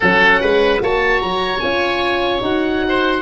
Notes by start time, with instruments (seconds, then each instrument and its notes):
0.00 tuba F#3, horn C#4, oboe A4 F#5
0.41 tuba G#3, oboe B4
0.80 tuba A#3, horn F#4, oboe C#5 A5
1.21 tuba F#3, oboe A#5
1.59 tuba C#4, horn F4, oboe G#5
2.41 tuba D#4, horn F#4, oboe F#5
2.88 oboe C5